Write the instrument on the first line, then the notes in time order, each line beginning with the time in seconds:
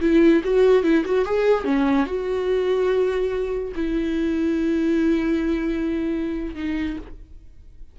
viola
0.00 E4
0.44 F#4
0.83 E4
1.05 F#4
1.25 G#4
1.64 C#4
2.06 F#4
3.75 E4
6.55 D#4